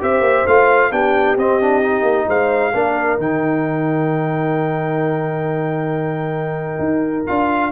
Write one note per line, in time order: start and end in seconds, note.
0.00 0.21 C4
0.00 0.45 G4
0.00 0.92 C5
0.00 0.47 E5
0.21 0.43 A#3
0.47 0.92 A3
0.47 0.92 F4
0.47 0.92 F5
0.92 1.37 B3
0.92 1.37 D4
0.92 2.28 G4
0.92 1.37 G5
1.37 2.02 C4
1.37 1.61 C4
1.37 2.29 D#5
1.61 1.82 D4
1.82 2.73 D#4
2.02 2.25 A#3
2.28 2.73 G#3
2.28 2.73 C5
2.28 3.20 F5
2.74 3.18 A#3
2.74 3.19 D4
2.74 7.72 A#4
3.18 6.79 D#3
3.18 7.27 D#4
3.18 7.27 G5
6.79 7.25 D#4
7.27 7.72 D4
7.27 7.72 F4
7.27 7.72 F5